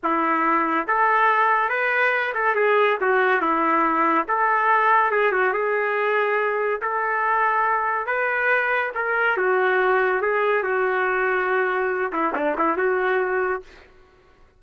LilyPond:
\new Staff \with { instrumentName = "trumpet" } { \time 4/4 \tempo 4 = 141 e'2 a'2 | b'4. a'8 gis'4 fis'4 | e'2 a'2 | gis'8 fis'8 gis'2. |
a'2. b'4~ | b'4 ais'4 fis'2 | gis'4 fis'2.~ | fis'8 e'8 d'8 e'8 fis'2 | }